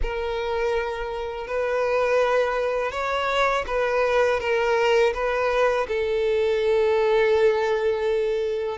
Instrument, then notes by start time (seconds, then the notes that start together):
violin
0.02 A#4
1.47 B4
2.91 C#5
3.66 B4
4.40 A#4
5.14 B4
5.87 A4